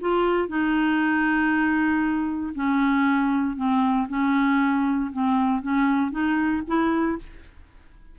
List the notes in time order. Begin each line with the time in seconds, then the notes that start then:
0.00 F4
0.48 D#4
2.54 C#4
3.56 C4
4.08 C#4
5.12 C4
5.62 C#4
6.11 D#4
6.67 E4